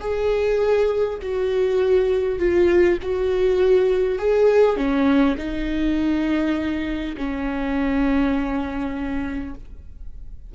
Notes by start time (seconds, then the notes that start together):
0.00 G#4
1.22 F#4
2.39 F4
3.02 F#4
4.18 G#4
4.76 C#4
5.37 D#4
7.17 C#4